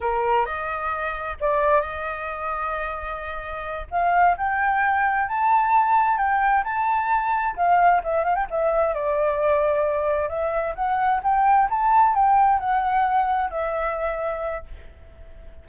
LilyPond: \new Staff \with { instrumentName = "flute" } { \time 4/4 \tempo 4 = 131 ais'4 dis''2 d''4 | dis''1~ | dis''8 f''4 g''2 a''8~ | a''4. g''4 a''4.~ |
a''8 f''4 e''8 f''16 g''16 e''4 d''8~ | d''2~ d''8 e''4 fis''8~ | fis''8 g''4 a''4 g''4 fis''8~ | fis''4. e''2~ e''8 | }